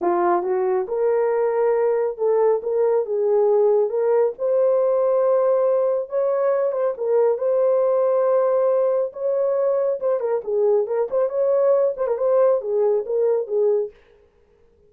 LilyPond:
\new Staff \with { instrumentName = "horn" } { \time 4/4 \tempo 4 = 138 f'4 fis'4 ais'2~ | ais'4 a'4 ais'4 gis'4~ | gis'4 ais'4 c''2~ | c''2 cis''4. c''8 |
ais'4 c''2.~ | c''4 cis''2 c''8 ais'8 | gis'4 ais'8 c''8 cis''4. c''16 ais'16 | c''4 gis'4 ais'4 gis'4 | }